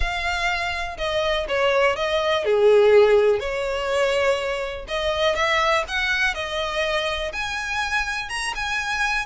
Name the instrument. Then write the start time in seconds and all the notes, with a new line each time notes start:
violin
0.00 F5
0.97 D#5
1.48 C#5
1.96 D#5
2.44 G#4
3.39 C#5
4.88 D#5
5.35 E5
5.88 F#5
6.34 D#5
7.33 G#5
8.29 A#5
8.55 G#5